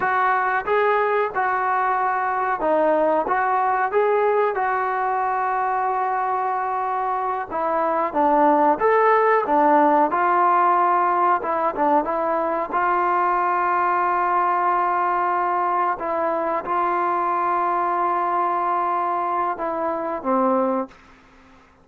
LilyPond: \new Staff \with { instrumentName = "trombone" } { \time 4/4 \tempo 4 = 92 fis'4 gis'4 fis'2 | dis'4 fis'4 gis'4 fis'4~ | fis'2.~ fis'8 e'8~ | e'8 d'4 a'4 d'4 f'8~ |
f'4. e'8 d'8 e'4 f'8~ | f'1~ | f'8 e'4 f'2~ f'8~ | f'2 e'4 c'4 | }